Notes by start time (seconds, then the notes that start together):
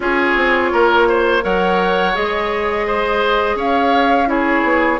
0.00 C#4 F4 G#4 C#5
0.35 C4
0.72 A#3 A#4
1.08 C5
1.42 F#3 A#4 C#5 F#5
2.14 G#3 G#4 D#5
2.86 C5
3.55 C#4 C#5 F5
4.26 E4 G#4 C#5
4.62 B3